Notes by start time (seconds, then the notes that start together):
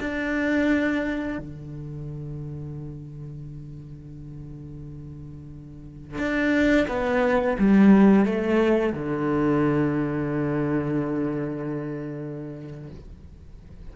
0.00 D4
1.38 D3
6.18 D4
6.87 B3
7.58 G3
8.25 A3
8.92 D3